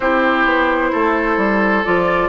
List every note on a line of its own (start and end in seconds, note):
0.00 0.45 C4
0.00 1.84 E4
0.00 0.91 G4
0.00 1.84 C5
0.45 0.91 B3
0.92 1.37 A3
0.92 2.29 A4
1.37 1.83 G3
1.84 2.29 F3
1.84 2.29 F4
1.84 2.29 D5